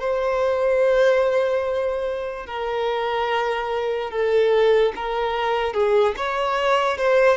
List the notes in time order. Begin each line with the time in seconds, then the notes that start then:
0.00 C5
2.46 A#4
4.11 A4
4.95 A#4
5.73 G#4
6.16 C#5
6.98 C5